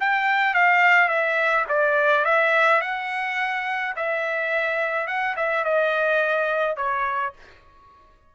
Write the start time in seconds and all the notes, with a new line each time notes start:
0.00 G5
0.54 F5
1.08 E5
1.69 D5
2.25 E5
2.81 F#5
3.96 E5
5.07 F#5
5.36 E5
5.64 D#5
6.76 C#5